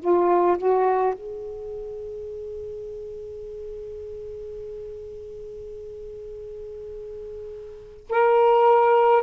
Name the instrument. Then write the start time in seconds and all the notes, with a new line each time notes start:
saxophone
0.00 F4
0.58 F#4
1.15 G#4
8.10 A#4